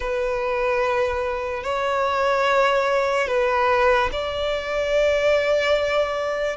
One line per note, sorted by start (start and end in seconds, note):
0.00 1.63 B4
1.63 3.27 C#5
3.27 4.09 B4
4.11 6.56 D5